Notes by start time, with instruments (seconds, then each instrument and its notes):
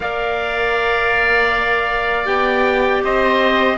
0.00 cello A#3, clarinet A#4, oboe D5, trumpet F5
2.25 cello B3, clarinet G4, trumpet G5
3.03 cello C4, oboe C5, trumpet D#5